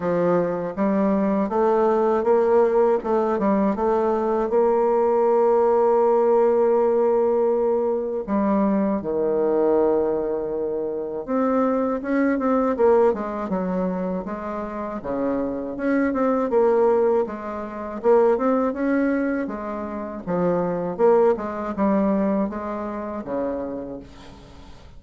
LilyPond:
\new Staff \with { instrumentName = "bassoon" } { \time 4/4 \tempo 4 = 80 f4 g4 a4 ais4 | a8 g8 a4 ais2~ | ais2. g4 | dis2. c'4 |
cis'8 c'8 ais8 gis8 fis4 gis4 | cis4 cis'8 c'8 ais4 gis4 | ais8 c'8 cis'4 gis4 f4 | ais8 gis8 g4 gis4 cis4 | }